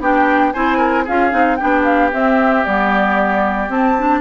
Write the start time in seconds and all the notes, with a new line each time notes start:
0.00 B3 D4 G4 G5
0.53 C4 E4 C5 G#5
0.78 A#4
1.04 C#4 F4 G#4 F5
1.31 C4 D#4
1.56 D4 G4 G5
1.63 B3
1.84 F5
2.12 C4 E5
2.65 G3 B3 D5
3.69 C4 A5
3.98 D4